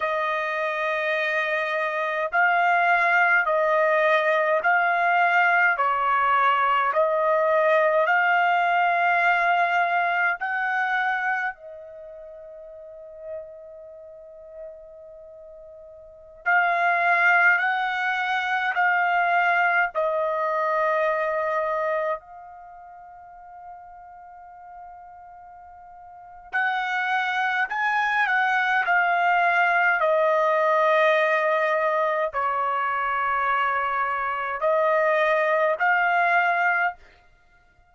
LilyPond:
\new Staff \with { instrumentName = "trumpet" } { \time 4/4 \tempo 4 = 52 dis''2 f''4 dis''4 | f''4 cis''4 dis''4 f''4~ | f''4 fis''4 dis''2~ | dis''2~ dis''16 f''4 fis''8.~ |
fis''16 f''4 dis''2 f''8.~ | f''2. fis''4 | gis''8 fis''8 f''4 dis''2 | cis''2 dis''4 f''4 | }